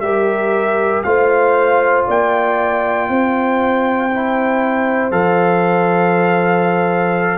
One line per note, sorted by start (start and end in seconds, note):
0.00 1.02 G3
0.00 1.05 G4
0.00 1.06 A#4
0.00 1.02 E5
1.03 2.07 A3
1.03 4.10 F4
1.03 2.07 C5
1.03 2.05 F5
2.07 3.09 A#3
2.07 3.09 D5
2.07 5.12 G5
3.09 5.11 C4
3.09 7.38 C5
4.11 5.12 E4
5.11 7.38 F3
5.11 7.38 A4
5.11 7.38 F5